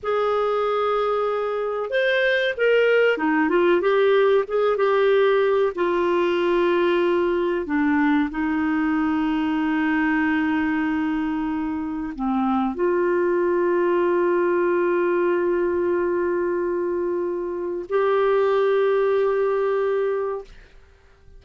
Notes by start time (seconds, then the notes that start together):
0.02 G#4
1.90 C5
2.57 A#4
3.17 D#4
3.49 F4
3.81 G4
4.47 G#4
4.77 G4
5.75 F4
7.66 D4
8.30 D#4
12.15 C4
12.75 F4
17.89 G4